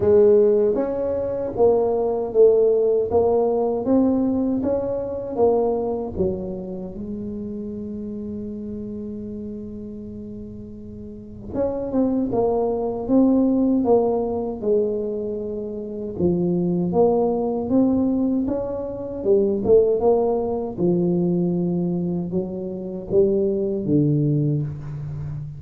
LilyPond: \new Staff \with { instrumentName = "tuba" } { \time 4/4 \tempo 4 = 78 gis4 cis'4 ais4 a4 | ais4 c'4 cis'4 ais4 | fis4 gis2.~ | gis2. cis'8 c'8 |
ais4 c'4 ais4 gis4~ | gis4 f4 ais4 c'4 | cis'4 g8 a8 ais4 f4~ | f4 fis4 g4 d4 | }